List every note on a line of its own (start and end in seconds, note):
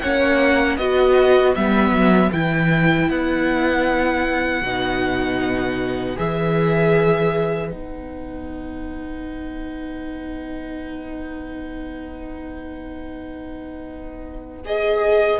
0.00 0.78 A#3
0.00 0.79 C#4
0.00 0.79 C#5
0.00 0.77 F#5
0.77 1.55 B3
0.77 1.56 F#4
0.77 15.40 B4
0.77 1.54 D#5
1.55 1.91 G3
1.55 2.33 B3
1.55 2.32 E5
1.91 2.29 F#3
2.33 3.09 E3
2.33 4.64 E4
2.33 3.10 G5
3.09 4.62 B3
3.09 6.17 F#5
4.62 6.16 B2
4.62 6.16 D#4
6.16 7.72 E3
6.16 7.70 G#4
6.16 7.71 E5
7.70 15.40 B3
7.70 14.62 D#4
7.70 14.64 F#5
14.65 15.40 G#4
14.65 15.40 D#5